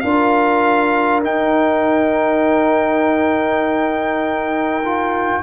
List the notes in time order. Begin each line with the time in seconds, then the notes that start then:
0.00 D4 F4 A#4 F5
1.23 D#4 G5
4.85 F4